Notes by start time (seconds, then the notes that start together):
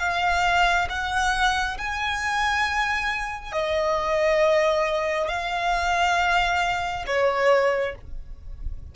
0.00 F5
0.89 F#5
1.78 G#5
3.53 D#5
5.29 F5
7.07 C#5